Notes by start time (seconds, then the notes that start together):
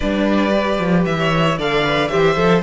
0.00 G3 D4 B4 D5
0.51 G4
0.78 F3
1.05 E3 E5
1.18 C#5
1.58 D3 A4 D5 F5
1.84 B4
2.07 G4 C5 E5
2.14 E3
2.36 F3 A4